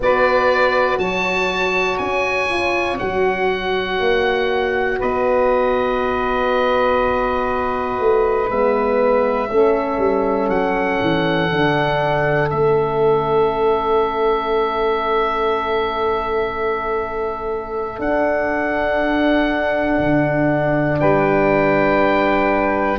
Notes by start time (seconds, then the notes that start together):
0.00 B3 F#4 B4 D5
0.97 F#3 C#5 A5
1.97 C#4 G#5
2.49 F4
2.99 F#3 F#4 F#5
3.99 A#3
4.99 B3 B4 D#5
7.99 A3
8.49 G#3 B3 E5
9.49 A3 C#4 A4
9.98 G3
10.49 F#3 F#5
11.01 E3
11.51 D3 D4
12.50 A3 C#4 E5
17.99 D4 F#5
19.99 D3
20.99 G3 B4 G5